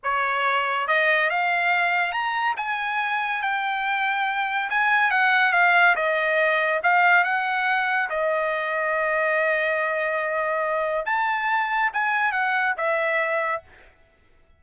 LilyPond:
\new Staff \with { instrumentName = "trumpet" } { \time 4/4 \tempo 4 = 141 cis''2 dis''4 f''4~ | f''4 ais''4 gis''2 | g''2. gis''4 | fis''4 f''4 dis''2 |
f''4 fis''2 dis''4~ | dis''1~ | dis''2 a''2 | gis''4 fis''4 e''2 | }